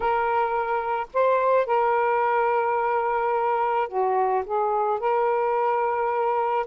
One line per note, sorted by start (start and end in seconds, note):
0.00 1.07 A#4
1.13 1.66 C5
1.66 3.88 A#4
3.88 4.43 F#4
4.45 4.99 G#4
4.99 6.66 A#4